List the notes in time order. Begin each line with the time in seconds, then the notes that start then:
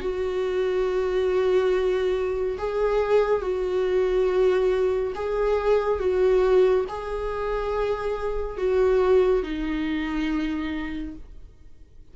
0.00 F#4
2.58 G#4
3.41 F#4
5.15 G#4
5.99 F#4
6.88 G#4
8.57 F#4
9.43 D#4